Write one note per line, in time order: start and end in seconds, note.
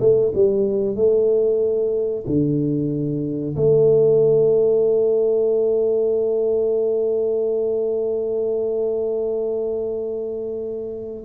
0.00 0.32 A3
0.35 0.95 G3
0.95 2.24 A3
2.26 3.55 D3
3.56 11.24 A3